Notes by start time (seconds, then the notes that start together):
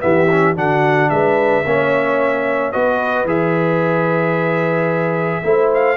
0.00 E3 B3 G4 E5
0.31 C#4
0.56 D3 D4 F#4 F#5
1.10 G#3 B4 E5
1.65 A#3 C#4 C#5
2.72 B3 F#4 B4 D#5
3.25 E3 G#4 E5
5.43 A3 E4 C5
5.74 F5